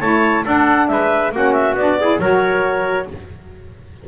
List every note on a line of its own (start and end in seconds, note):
0.00 0.45 A3
0.00 0.44 E4
0.00 0.44 C#5
0.00 0.43 A5
0.44 1.31 D4
0.44 0.88 D4
0.44 0.88 A4
0.44 0.88 F#5
0.88 1.31 G#3
0.88 1.35 B4
0.88 1.31 E5
1.31 1.74 A#3
1.31 1.77 C#4
1.31 2.00 F#4
1.31 1.53 F#5
1.53 1.75 E5
1.74 2.17 B3
1.74 2.00 D4
1.74 2.20 D5
2.00 2.20 E4
2.00 2.21 G#4
2.19 3.06 F#3
2.19 3.07 F#4
2.19 3.08 A#4
2.19 3.08 C#5